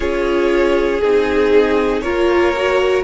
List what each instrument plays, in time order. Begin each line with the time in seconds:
0.00 cello C#4, viola F4, violin G#4 C#5
1.00 cello C4, viola D#4, violin G#4
2.01 cello A#3, viola F4, violin A#4 C#5
2.56 viola F#4